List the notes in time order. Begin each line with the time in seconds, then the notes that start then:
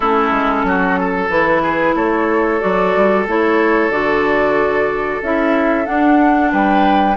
0.00 A3 C#4 E4 A4
0.31 G#3
0.63 F#3 F#4
0.99 A4
1.29 E3 E4 B4
1.62 G#4
1.95 A3 A4 C#5
2.60 F#3 F#4 D5
2.96 G3
3.27 A3 E4 C#5
3.89 D3 F#4 D5
5.22 C#4 E4 E5
5.85 D4 F#5
6.51 G3 B4 G5